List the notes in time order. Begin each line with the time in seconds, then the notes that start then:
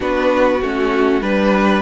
0.00 B3 D4 F#4 B4
0.62 A3 C#4 F#4
1.21 G3 D4 B4